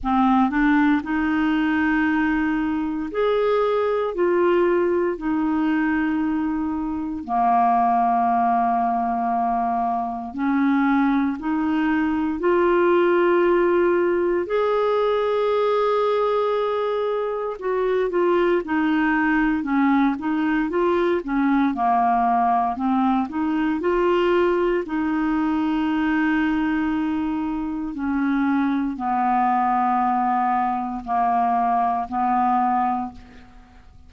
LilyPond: \new Staff \with { instrumentName = "clarinet" } { \time 4/4 \tempo 4 = 58 c'8 d'8 dis'2 gis'4 | f'4 dis'2 ais4~ | ais2 cis'4 dis'4 | f'2 gis'2~ |
gis'4 fis'8 f'8 dis'4 cis'8 dis'8 | f'8 cis'8 ais4 c'8 dis'8 f'4 | dis'2. cis'4 | b2 ais4 b4 | }